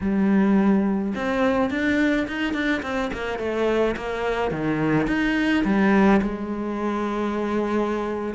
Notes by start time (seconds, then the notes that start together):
0.00 G3
1.15 C4
1.70 D4
2.27 D#4
2.53 D4
2.82 C4
3.13 A#3
3.38 A3
3.96 A#3
4.51 D#3
5.07 D#4
5.64 G3
6.22 G#3